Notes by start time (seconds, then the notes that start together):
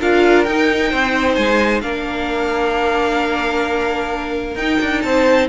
0.00 D4 F4 A#4 F5
0.44 D#4 G5
0.90 C4 C5
1.34 G#3 G#5
1.81 A#3 D4 A#4 F5
4.55 D#4 G5
4.81 D4
5.01 C4 C5 A5